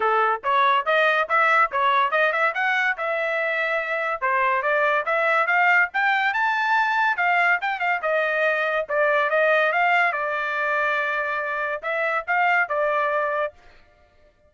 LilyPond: \new Staff \with { instrumentName = "trumpet" } { \time 4/4 \tempo 4 = 142 a'4 cis''4 dis''4 e''4 | cis''4 dis''8 e''8 fis''4 e''4~ | e''2 c''4 d''4 | e''4 f''4 g''4 a''4~ |
a''4 f''4 g''8 f''8 dis''4~ | dis''4 d''4 dis''4 f''4 | d''1 | e''4 f''4 d''2 | }